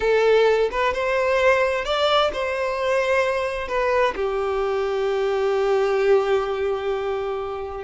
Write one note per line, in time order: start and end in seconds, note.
0.00 0.69 A4
0.71 0.93 B4
0.93 1.84 C5
1.84 2.31 D5
2.33 3.68 C5
3.68 4.14 B4
4.15 7.84 G4